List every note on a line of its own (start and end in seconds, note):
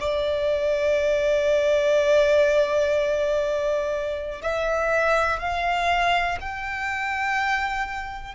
0.00 4.42 D5
4.42 5.40 E5
5.40 6.38 F5
6.40 8.35 G5